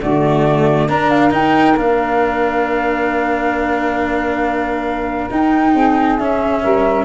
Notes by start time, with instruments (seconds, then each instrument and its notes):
0.00 tuba D3, cello A3, saxophone F#4, flute D5
0.89 cello D4, tuba D4, saxophone A#4, flute A#5
1.10 flute F5
1.30 cello D#4, tuba D#4, flute G5
1.77 tuba A#3, cello D4, flute F5
5.31 cello D#4, tuba D#4, flute G5
5.74 tuba C4, saxophone G#4
6.18 tuba C#4, cello C#4, flute E5
6.62 tuba G3, saxophone A#4